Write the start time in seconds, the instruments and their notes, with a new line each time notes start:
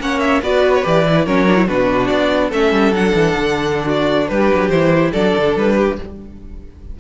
0.00 cello A#3, viola C#4, violin C#5 F#5
0.20 violin E5
0.42 cello B3, viola F#4, violin B4 D5
0.74 violin C#5
0.84 cello E3, viola G4, violin D5
1.07 viola E4
1.25 cello F#3, viola C#4, violin A#4 C#5
1.47 viola D4
1.56 viola E4
1.67 cello B2, viola D4, violin F#4 B4
2.08 cello B3, violin D5
2.49 cello A3, viola C#4, violin A4 E5
2.72 cello G3
2.92 cello F#3, viola D4, violin F#5
3.14 cello E3
3.37 cello D3
3.85 violin F#4 D5
4.28 cello G3, violin G4 B4
4.55 cello F#3
4.69 cello E3, viola E4, violin C5
5.12 cello F#3, viola D4, violin A4 D5
5.37 cello D3
5.57 cello G3, violin B4
5.77 violin G4